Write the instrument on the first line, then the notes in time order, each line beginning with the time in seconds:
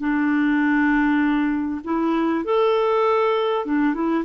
clarinet
0.00 D4
1.85 E4
2.45 A4
3.66 D4
3.94 E4